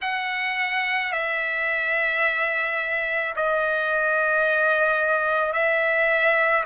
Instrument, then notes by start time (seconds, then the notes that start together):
trumpet
0.01 F#5
1.12 E5
3.36 D#5
5.53 E5